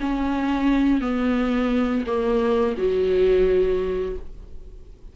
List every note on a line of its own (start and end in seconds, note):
0.00 1.01 C#4
1.01 2.04 B3
2.06 2.75 A#3
2.77 4.15 F#3